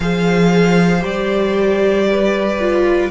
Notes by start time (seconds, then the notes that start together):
0.00 F3 G#4 C5 F5
1.00 G3 G4 D5
2.09 B4
2.59 F4